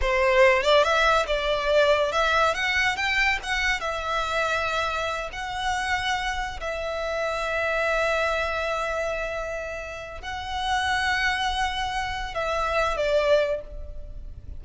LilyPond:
\new Staff \with { instrumentName = "violin" } { \time 4/4 \tempo 4 = 141 c''4. d''8 e''4 d''4~ | d''4 e''4 fis''4 g''4 | fis''4 e''2.~ | e''8 fis''2. e''8~ |
e''1~ | e''1 | fis''1~ | fis''4 e''4. d''4. | }